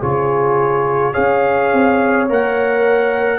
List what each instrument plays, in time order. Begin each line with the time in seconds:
0.00 tuba C#3, trombone F4, horn G#4, trumpet C#5
1.12 tuba C#4, trombone G#4, horn C#5, trumpet F5
1.73 tuba C4
2.29 tuba A#3, trombone A#4, trumpet F#5